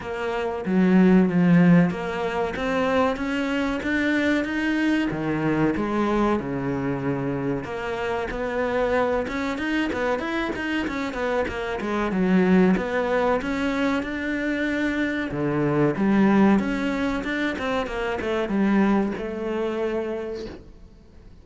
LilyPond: \new Staff \with { instrumentName = "cello" } { \time 4/4 \tempo 4 = 94 ais4 fis4 f4 ais4 | c'4 cis'4 d'4 dis'4 | dis4 gis4 cis2 | ais4 b4. cis'8 dis'8 b8 |
e'8 dis'8 cis'8 b8 ais8 gis8 fis4 | b4 cis'4 d'2 | d4 g4 cis'4 d'8 c'8 | ais8 a8 g4 a2 | }